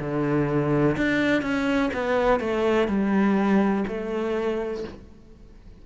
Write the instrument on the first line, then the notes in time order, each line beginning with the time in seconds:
cello
0.00 D3
0.98 D4
1.42 C#4
1.94 B3
2.40 A3
2.88 G3
3.88 A3